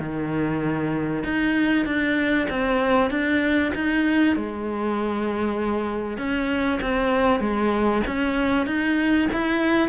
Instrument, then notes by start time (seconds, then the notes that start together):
cello
0.00 D#3
1.24 D#4
1.86 D4
2.50 C4
3.11 D4
3.75 D#4
4.36 G#3
6.18 C#4
6.82 C4
7.40 G#3
8.07 C#4
8.67 D#4
9.33 E4